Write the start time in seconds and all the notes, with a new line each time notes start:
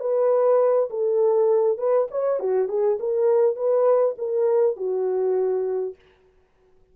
0.00 B4
0.90 A4
1.78 B4
2.11 C#5
2.40 F#4
2.68 G#4
3.00 A#4
3.56 B4
4.18 A#4
4.77 F#4